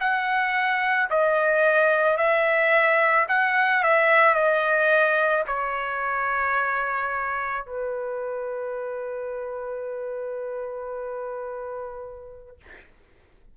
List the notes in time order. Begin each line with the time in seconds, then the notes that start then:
0.00 F#5
1.10 D#5
2.17 E5
3.29 F#5
3.83 E5
4.34 D#5
5.47 C#5
7.66 B4